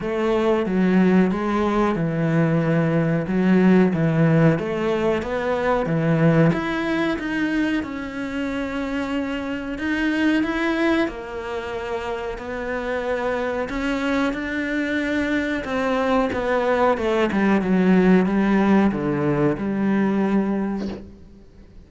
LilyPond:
\new Staff \with { instrumentName = "cello" } { \time 4/4 \tempo 4 = 92 a4 fis4 gis4 e4~ | e4 fis4 e4 a4 | b4 e4 e'4 dis'4 | cis'2. dis'4 |
e'4 ais2 b4~ | b4 cis'4 d'2 | c'4 b4 a8 g8 fis4 | g4 d4 g2 | }